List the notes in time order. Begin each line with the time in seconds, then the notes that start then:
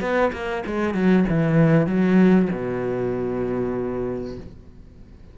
0.00 B3
0.32 A#3
0.66 G#3
0.94 F#3
1.29 E3
1.86 F#3
2.51 B2